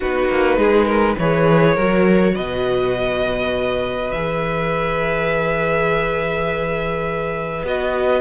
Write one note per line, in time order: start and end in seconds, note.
0.00 0.29 B3
0.00 1.18 D#4
0.00 0.58 F#4
0.00 1.18 B4
0.29 0.57 A#3
0.57 1.16 G#3
0.57 0.85 G#4
0.85 1.15 A#4
1.18 1.77 E3
1.18 1.78 G#4
1.18 1.74 B4
1.18 2.35 C#5
1.74 2.36 F#3
1.74 4.13 F#4
1.74 2.33 A#4
2.34 4.12 B2
2.34 8.20 B4
2.34 4.11 D#5
4.11 7.62 E3
4.11 7.65 G#4
4.11 7.64 E5
7.62 8.20 B3
7.62 8.20 F#4
7.62 8.20 D#5